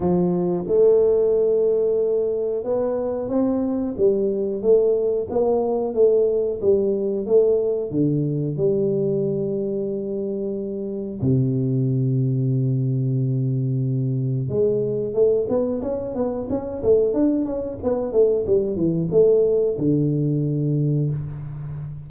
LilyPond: \new Staff \with { instrumentName = "tuba" } { \time 4/4 \tempo 4 = 91 f4 a2. | b4 c'4 g4 a4 | ais4 a4 g4 a4 | d4 g2.~ |
g4 c2.~ | c2 gis4 a8 b8 | cis'8 b8 cis'8 a8 d'8 cis'8 b8 a8 | g8 e8 a4 d2 | }